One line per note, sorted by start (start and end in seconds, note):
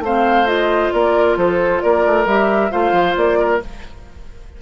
0.00 0.90 A3
0.00 0.47 C4
0.00 0.94 C5
0.00 0.47 F5
0.47 2.26 F4
0.47 0.92 D#5
0.92 1.37 A#3
0.92 1.39 A#4
0.92 1.37 D5
1.37 1.82 F3
1.37 1.83 A4
1.37 1.82 C5
1.82 2.06 A#3
1.82 2.72 A#4
1.82 2.27 D5
2.06 2.26 A3
2.26 2.71 G3
2.26 2.71 G4
2.26 2.72 E5
2.71 2.92 A3
2.71 3.61 F4
2.71 3.39 C5
2.71 3.17 F5
2.92 3.15 F3
3.17 3.62 A#3
3.17 3.62 D5
3.40 3.62 A#4